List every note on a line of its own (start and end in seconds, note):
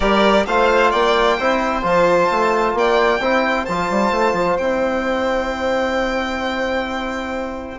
0.00 0.45 G3
0.00 0.46 G4
0.00 0.45 A#4
0.00 0.46 D5
0.46 0.93 A3
0.46 1.40 F4
0.46 0.91 C5
0.46 0.92 F5
0.91 1.39 A#3
0.91 1.36 D5
0.91 1.83 G5
1.38 1.83 C4
1.38 1.82 E4
1.38 2.75 C5
1.82 2.29 F3
1.82 3.19 F4
1.82 2.77 A5
2.30 2.74 A3
2.74 3.19 A#3
2.74 3.20 D5
2.74 3.65 G5
3.20 3.65 C4
3.20 3.67 E4
3.20 7.78 C5
3.65 3.90 F3
3.65 4.60 F4
3.65 4.56 A5
3.90 4.11 G3
4.11 4.32 A3
4.32 4.55 F3
4.58 7.78 C4
4.58 7.78 E4
4.58 7.78 G5